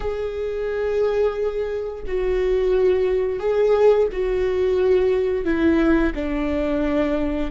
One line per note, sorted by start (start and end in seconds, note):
0.00 2.03 G#4
2.06 3.39 F#4
3.39 4.07 G#4
4.12 5.44 F#4
5.44 6.12 E4
6.15 7.51 D4